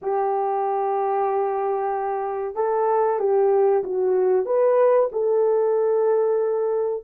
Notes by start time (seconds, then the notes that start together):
0.01 G4
2.55 A4
3.19 G4
3.83 F#4
4.45 B4
5.12 A4